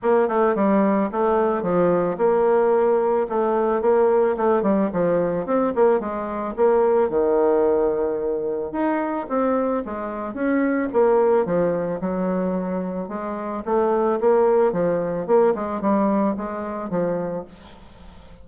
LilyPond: \new Staff \with { instrumentName = "bassoon" } { \time 4/4 \tempo 4 = 110 ais8 a8 g4 a4 f4 | ais2 a4 ais4 | a8 g8 f4 c'8 ais8 gis4 | ais4 dis2. |
dis'4 c'4 gis4 cis'4 | ais4 f4 fis2 | gis4 a4 ais4 f4 | ais8 gis8 g4 gis4 f4 | }